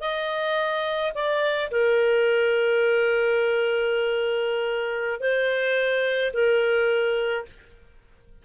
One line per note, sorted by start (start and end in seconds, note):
0.00 1.12 D#5
1.14 1.70 D5
1.71 5.20 A#4
5.20 6.32 C5
6.33 7.45 A#4